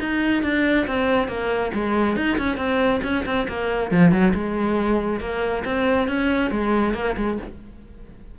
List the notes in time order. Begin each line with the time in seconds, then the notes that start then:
0.00 D#4
0.43 D4
0.87 C4
1.28 A#3
1.74 G#3
2.16 D#4
2.38 C#4
2.58 C4
3.04 C#4
3.26 C4
3.49 A#3
3.92 F3
4.12 F#3
4.34 G#3
5.21 A#3
5.65 C4
6.09 C#4
6.51 G#3
6.95 A#3
7.17 G#3